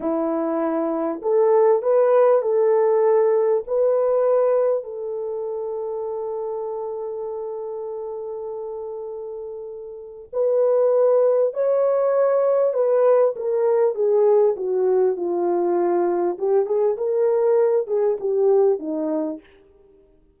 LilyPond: \new Staff \with { instrumentName = "horn" } { \time 4/4 \tempo 4 = 99 e'2 a'4 b'4 | a'2 b'2 | a'1~ | a'1~ |
a'4 b'2 cis''4~ | cis''4 b'4 ais'4 gis'4 | fis'4 f'2 g'8 gis'8 | ais'4. gis'8 g'4 dis'4 | }